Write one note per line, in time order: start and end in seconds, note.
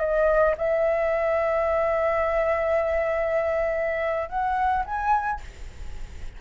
0.00 0.56 D#5
0.58 4.30 E5
4.30 4.85 F#5
4.85 5.41 G#5